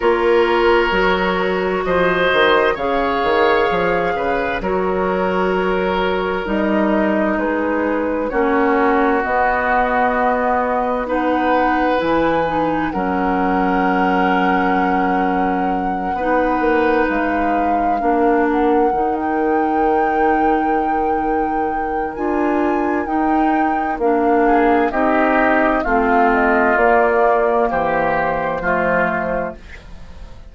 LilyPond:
<<
  \new Staff \with { instrumentName = "flute" } { \time 4/4 \tempo 4 = 65 cis''2 dis''4 f''4~ | f''4 cis''2 dis''4 | b'4 cis''4 dis''2 | fis''4 gis''4 fis''2~ |
fis''2~ fis''8 f''4. | fis''8. g''2.~ g''16 | gis''4 g''4 f''4 dis''4 | f''8 dis''8 d''4 c''2 | }
  \new Staff \with { instrumentName = "oboe" } { \time 4/4 ais'2 c''4 cis''4~ | cis''8 b'8 ais'2. | gis'4 fis'2. | b'2 ais'2~ |
ais'4. b'2 ais'8~ | ais'1~ | ais'2~ ais'8 gis'8 g'4 | f'2 g'4 f'4 | }
  \new Staff \with { instrumentName = "clarinet" } { \time 4/4 f'4 fis'2 gis'4~ | gis'4 fis'2 dis'4~ | dis'4 cis'4 b2 | dis'4 e'8 dis'8 cis'2~ |
cis'4. dis'2 d'8~ | d'8 dis'2.~ dis'8 | f'4 dis'4 d'4 dis'4 | c'4 ais2 a4 | }
  \new Staff \with { instrumentName = "bassoon" } { \time 4/4 ais4 fis4 f8 dis8 cis8 dis8 | f8 cis8 fis2 g4 | gis4 ais4 b2~ | b4 e4 fis2~ |
fis4. b8 ais8 gis4 ais8~ | ais8 dis2.~ dis8 | d'4 dis'4 ais4 c'4 | a4 ais4 e4 f4 | }
>>